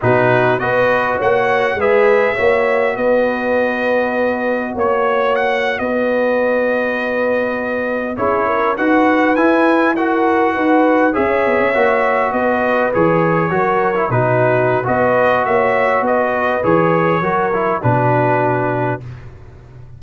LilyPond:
<<
  \new Staff \with { instrumentName = "trumpet" } { \time 4/4 \tempo 4 = 101 b'4 dis''4 fis''4 e''4~ | e''4 dis''2. | cis''4 fis''8. dis''2~ dis''16~ | dis''4.~ dis''16 cis''4 fis''4 gis''16~ |
gis''8. fis''2 e''4~ e''16~ | e''8. dis''4 cis''2 b'16~ | b'4 dis''4 e''4 dis''4 | cis''2 b'2 | }
  \new Staff \with { instrumentName = "horn" } { \time 4/4 fis'4 b'4 cis''4 b'4 | cis''4 b'2. | cis''4.~ cis''16 b'2~ b'16~ | b'4.~ b'16 gis'8 ais'8 b'4~ b'16~ |
b'8. ais'4 b'4 cis''4~ cis''16~ | cis''8. b'2 ais'4 fis'16~ | fis'4 b'4 cis''4 b'4~ | b'4 ais'4 fis'2 | }
  \new Staff \with { instrumentName = "trombone" } { \time 4/4 dis'4 fis'2 gis'4 | fis'1~ | fis'1~ | fis'4.~ fis'16 e'4 fis'4 e'16~ |
e'8. fis'2 gis'4 fis'16~ | fis'4.~ fis'16 gis'4 fis'8. e'16 dis'16~ | dis'4 fis'2. | gis'4 fis'8 e'8 d'2 | }
  \new Staff \with { instrumentName = "tuba" } { \time 4/4 b,4 b4 ais4 gis4 | ais4 b2. | ais4.~ ais16 b2~ b16~ | b4.~ b16 cis'4 dis'4 e'16~ |
e'4.~ e'16 dis'4 cis'8 b16 cis'16 ais16~ | ais8. b4 e4 fis4 b,16~ | b,4 b4 ais4 b4 | e4 fis4 b,2 | }
>>